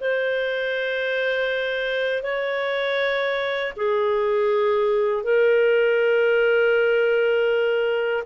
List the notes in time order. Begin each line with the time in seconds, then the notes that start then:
0.00 C5
2.22 C#5
3.76 G#4
5.23 A#4